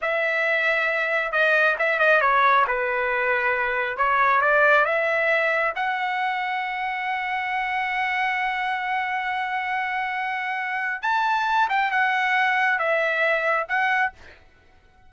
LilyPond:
\new Staff \with { instrumentName = "trumpet" } { \time 4/4 \tempo 4 = 136 e''2. dis''4 | e''8 dis''8 cis''4 b'2~ | b'4 cis''4 d''4 e''4~ | e''4 fis''2.~ |
fis''1~ | fis''1~ | fis''4 a''4. g''8 fis''4~ | fis''4 e''2 fis''4 | }